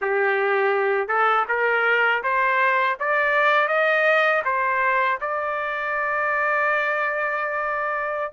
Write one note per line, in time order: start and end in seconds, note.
0.01 1.08 G4
1.08 1.45 A4
1.48 2.22 A#4
2.23 2.97 C5
2.99 3.68 D5
3.68 4.42 D#5
4.44 5.19 C5
5.21 8.32 D5